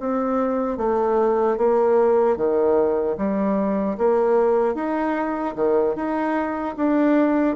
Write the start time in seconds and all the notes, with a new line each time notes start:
0.00 C4
0.78 A3
1.58 A#3
2.37 D#3
3.18 G3
3.98 A#3
4.75 D#4
5.56 D#3
5.96 D#4
6.77 D4